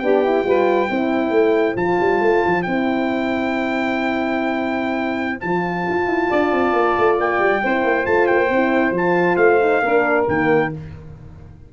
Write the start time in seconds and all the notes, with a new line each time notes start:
0.00 B3 D4 G4 G5
0.25 E4
0.44 G3 F4 B4
0.89 C4 E4 C5
1.31 A3
1.76 F3 F4 A5
2.00 G3
2.21 A3
2.46 F3
2.63 C4 E4 G5
5.41 F3 F4 A5
5.90 F4
6.08 E4
6.30 D4 D5
6.52 C4
6.73 A#3
6.98 A3
7.19 A#3 G5
7.40 G3
7.63 C4 E4 C5
7.84 A#3
8.04 A3 F4 A5
8.27 A#3 G5
8.50 C4 E4
8.92 F3 F4
8.98 A5
9.37 A3 F5
9.61 D#4
9.83 A#3 D4 A#4
10.28 D#3 A#3 G5